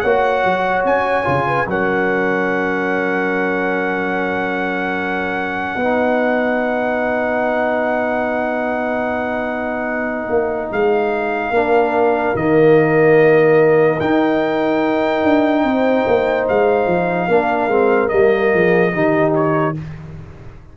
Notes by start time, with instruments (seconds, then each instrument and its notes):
0.00 tuba A#3, trombone F#4, horn C#5, trumpet F#5
0.44 tuba F#3
0.84 tuba C#4, trumpet G#5
1.24 tuba C#3, trombone F4
1.47 horn B4
1.67 tuba F#3, trombone C#4, horn A#4, trumpet F#5
5.76 tuba B3, trombone D#4, horn B4
10.29 tuba A#3
10.71 tuba G#3, trumpet F5
11.50 tuba A#3, trombone D4, horn A#4
12.35 tuba D#3, trombone A#3, trumpet D#5
14.00 tuba D#4, trombone D#4, trumpet G5
15.24 tuba D4
15.64 tuba C4, horn C5
16.07 tuba A#3
16.48 tuba G#3, trumpet F5
16.86 tuba F3
17.28 tuba A#3, trombone D4, horn A#4
17.67 tuba G#3, trombone C4
18.09 tuba G3, trombone A#3, trumpet D#5
18.52 tuba F3, horn G#4
18.92 tuba D#3, trombone D#4, horn G4
19.34 trumpet C#5